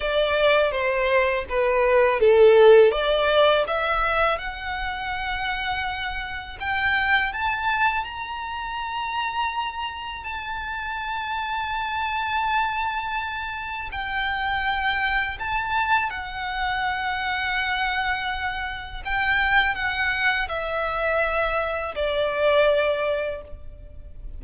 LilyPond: \new Staff \with { instrumentName = "violin" } { \time 4/4 \tempo 4 = 82 d''4 c''4 b'4 a'4 | d''4 e''4 fis''2~ | fis''4 g''4 a''4 ais''4~ | ais''2 a''2~ |
a''2. g''4~ | g''4 a''4 fis''2~ | fis''2 g''4 fis''4 | e''2 d''2 | }